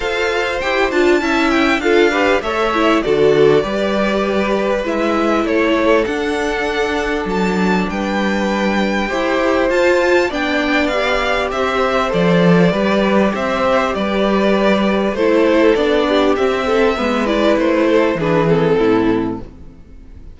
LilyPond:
<<
  \new Staff \with { instrumentName = "violin" } { \time 4/4 \tempo 4 = 99 f''4 g''8 a''4 g''8 f''4 | e''4 d''2. | e''4 cis''4 fis''2 | a''4 g''2. |
a''4 g''4 f''4 e''4 | d''2 e''4 d''4~ | d''4 c''4 d''4 e''4~ | e''8 d''8 c''4 b'8 a'4. | }
  \new Staff \with { instrumentName = "violin" } { \time 4/4 c''2 e''4 a'8 b'8 | cis''4 a'4 b'2~ | b'4 a'2.~ | a'4 b'2 c''4~ |
c''4 d''2 c''4~ | c''4 b'4 c''4 b'4~ | b'4 a'4. g'4 a'8 | b'4. a'8 gis'4 e'4 | }
  \new Staff \with { instrumentName = "viola" } { \time 4/4 a'4 g'8 f'8 e'4 f'8 g'8 | a'8 e'8 fis'4 g'2 | e'2 d'2~ | d'2. g'4 |
f'4 d'4 g'2 | a'4 g'2.~ | g'4 e'4 d'4 c'4 | b8 e'4. d'8 c'4. | }
  \new Staff \with { instrumentName = "cello" } { \time 4/4 f'4 e'8 d'8 cis'4 d'4 | a4 d4 g2 | gis4 a4 d'2 | fis4 g2 e'4 |
f'4 b2 c'4 | f4 g4 c'4 g4~ | g4 a4 b4 c'4 | gis4 a4 e4 a,4 | }
>>